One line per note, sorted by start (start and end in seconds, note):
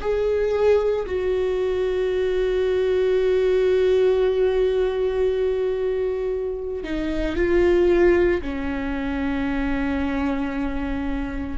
0.00 1.05 G#4
1.06 6.84 F#4
6.84 7.36 D#4
7.36 8.41 F4
8.42 11.57 C#4